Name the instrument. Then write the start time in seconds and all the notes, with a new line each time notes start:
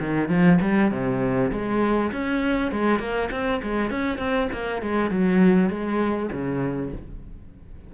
cello
0.00 D#3
0.29 F3
0.61 G3
0.91 C3
1.52 G#3
2.12 C#4
2.72 G#3
2.99 A#3
3.31 C4
3.63 G#3
3.91 C#4
4.18 C4
4.52 A#3
4.82 G#3
5.11 F#3
5.70 G#3
6.32 C#3